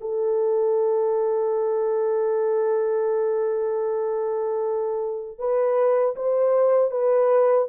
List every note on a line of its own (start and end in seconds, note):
0.00 5.38 A4
5.38 6.15 B4
6.15 6.91 C5
6.91 7.67 B4